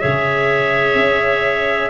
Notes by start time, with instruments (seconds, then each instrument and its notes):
0.00 tuba C#3, clarinet G#4 C#5, trumpet E5
0.95 tuba C#4